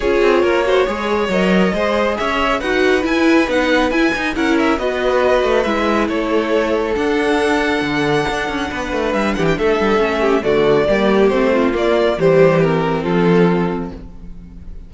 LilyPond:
<<
  \new Staff \with { instrumentName = "violin" } { \time 4/4 \tempo 4 = 138 cis''2. dis''4~ | dis''4 e''4 fis''4 gis''4 | fis''4 gis''4 fis''8 e''8 dis''4~ | dis''4 e''4 cis''2 |
fis''1~ | fis''4 e''8 fis''16 g''16 e''2 | d''2 c''4 d''4 | c''4 ais'4 a'2 | }
  \new Staff \with { instrumentName = "violin" } { \time 4/4 gis'4 ais'8 c''8 cis''2 | c''4 cis''4 b'2~ | b'2 ais'4 b'4~ | b'2 a'2~ |
a'1 | b'4. g'8 a'4. g'8 | fis'4 g'4. f'4. | g'2 f'2 | }
  \new Staff \with { instrumentName = "viola" } { \time 4/4 f'4. fis'8 gis'4 ais'4 | gis'2 fis'4 e'4 | dis'4 e'8 dis'8 e'4 fis'4~ | fis'4 e'2. |
d'1~ | d'2. cis'4 | a4 ais4 c'4 ais4 | g4 c'2. | }
  \new Staff \with { instrumentName = "cello" } { \time 4/4 cis'8 c'8 ais4 gis4 fis4 | gis4 cis'4 dis'4 e'4 | b4 e'8 dis'8 cis'4 b4~ | b8 a8 gis4 a2 |
d'2 d4 d'8 cis'8 | b8 a8 g8 e8 a8 g8 a4 | d4 g4 a4 ais4 | e2 f2 | }
>>